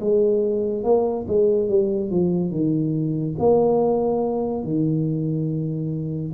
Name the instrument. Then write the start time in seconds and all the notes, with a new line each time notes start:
tuba
0.00 G#3
0.83 A#3
1.28 G#3
1.69 G3
2.10 F3
2.51 D#3
3.38 A#3
4.64 D#3